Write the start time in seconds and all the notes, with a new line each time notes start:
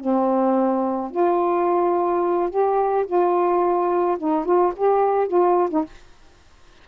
0.00 C4
1.11 F4
2.50 G4
3.06 F4
4.18 D#4
4.45 F4
4.77 G4
5.28 F4
5.70 D#4